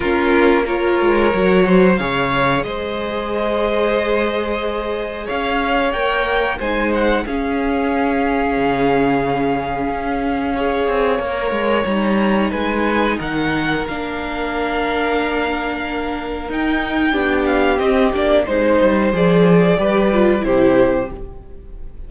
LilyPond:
<<
  \new Staff \with { instrumentName = "violin" } { \time 4/4 \tempo 4 = 91 ais'4 cis''2 f''4 | dis''1 | f''4 g''4 gis''8 fis''8 f''4~ | f''1~ |
f''2 ais''4 gis''4 | fis''4 f''2.~ | f''4 g''4. f''8 dis''8 d''8 | c''4 d''2 c''4 | }
  \new Staff \with { instrumentName = "violin" } { \time 4/4 f'4 ais'4. c''8 cis''4 | c''1 | cis''2 c''4 gis'4~ | gis'1 |
cis''2. b'4 | ais'1~ | ais'2 g'2 | c''2 b'4 g'4 | }
  \new Staff \with { instrumentName = "viola" } { \time 4/4 cis'4 f'4 fis'4 gis'4~ | gis'1~ | gis'4 ais'4 dis'4 cis'4~ | cis'1 |
gis'4 ais'4 dis'2~ | dis'4 d'2.~ | d'4 dis'4 d'4 c'8 d'8 | dis'4 gis'4 g'8 f'8 e'4 | }
  \new Staff \with { instrumentName = "cello" } { \time 4/4 ais4. gis8 fis4 cis4 | gis1 | cis'4 ais4 gis4 cis'4~ | cis'4 cis2 cis'4~ |
cis'8 c'8 ais8 gis8 g4 gis4 | dis4 ais2.~ | ais4 dis'4 b4 c'8 ais8 | gis8 g8 f4 g4 c4 | }
>>